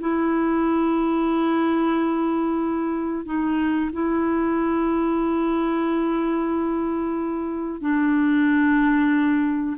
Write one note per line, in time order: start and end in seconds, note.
0.00 3.25 E4
3.25 3.90 D#4
3.92 7.81 E4
7.81 9.76 D4